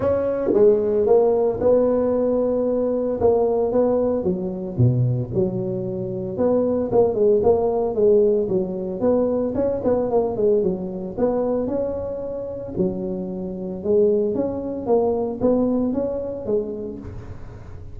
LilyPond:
\new Staff \with { instrumentName = "tuba" } { \time 4/4 \tempo 4 = 113 cis'4 gis4 ais4 b4~ | b2 ais4 b4 | fis4 b,4 fis2 | b4 ais8 gis8 ais4 gis4 |
fis4 b4 cis'8 b8 ais8 gis8 | fis4 b4 cis'2 | fis2 gis4 cis'4 | ais4 b4 cis'4 gis4 | }